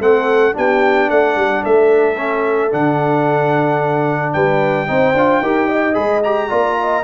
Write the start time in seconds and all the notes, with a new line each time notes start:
0.00 A3 C4 A4 F#5
0.53 B3 D4 G4 G5
1.10 A3 D5 F#5
1.36 G3
1.64 A3 A4 E5
2.17 C#4
2.71 D3 D4 F#5
4.33 G3 B4 G5
4.87 C4 D#4 C5
5.14 D4 F4
5.42 D#4 G4 A#4
5.67 D#5
5.94 G#3 G#4 B5
6.24 G4 A#5
6.50 A#3 F4 D5
6.80 D#5